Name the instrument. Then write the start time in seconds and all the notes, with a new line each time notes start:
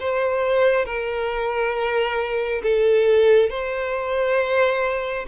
violin
0.00 C5
0.86 A#4
2.63 A4
3.50 C5